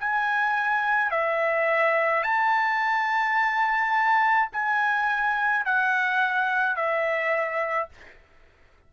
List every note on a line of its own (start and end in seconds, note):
0.00 1.11 G#5
1.11 2.23 E5
2.23 4.50 A5
4.53 5.66 G#5
5.66 6.76 F#5
6.76 7.89 E5